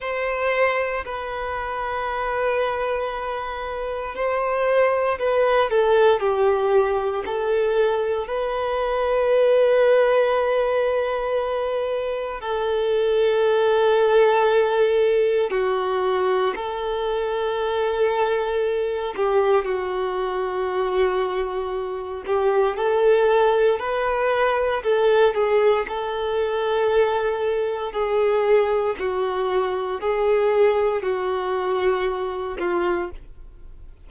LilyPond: \new Staff \with { instrumentName = "violin" } { \time 4/4 \tempo 4 = 58 c''4 b'2. | c''4 b'8 a'8 g'4 a'4 | b'1 | a'2. fis'4 |
a'2~ a'8 g'8 fis'4~ | fis'4. g'8 a'4 b'4 | a'8 gis'8 a'2 gis'4 | fis'4 gis'4 fis'4. f'8 | }